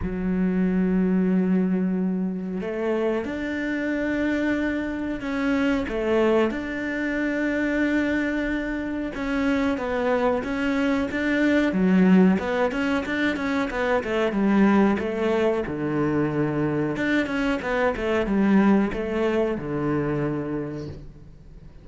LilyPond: \new Staff \with { instrumentName = "cello" } { \time 4/4 \tempo 4 = 92 fis1 | a4 d'2. | cis'4 a4 d'2~ | d'2 cis'4 b4 |
cis'4 d'4 fis4 b8 cis'8 | d'8 cis'8 b8 a8 g4 a4 | d2 d'8 cis'8 b8 a8 | g4 a4 d2 | }